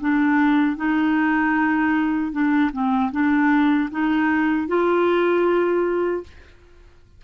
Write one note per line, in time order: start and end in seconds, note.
0.00 0.76 D4
0.76 2.32 D#4
2.32 2.71 D4
2.72 3.11 C4
3.11 3.89 D4
3.91 4.67 D#4
4.67 6.23 F4